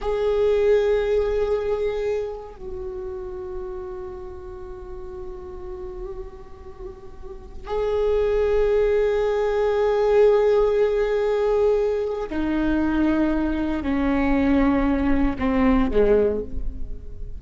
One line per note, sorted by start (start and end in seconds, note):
0.01 2.56 G#4
2.56 7.67 F#4
7.67 12.28 G#4
12.29 13.82 D#4
13.82 15.36 C#4
15.38 15.90 C4
15.90 16.41 G#3